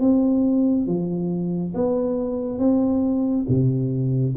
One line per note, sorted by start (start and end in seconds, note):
0.00 0.87 C4
0.87 1.74 F3
1.75 2.59 B3
2.59 3.46 C4
3.48 4.35 C3